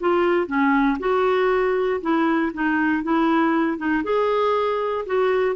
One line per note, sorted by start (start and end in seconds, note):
0.00 0.46 F4
0.46 0.97 C#4
0.99 2.01 F#4
2.01 2.52 E4
2.53 3.03 D#4
3.03 3.77 E4
3.77 4.03 D#4
4.03 5.05 G#4
5.06 5.55 F#4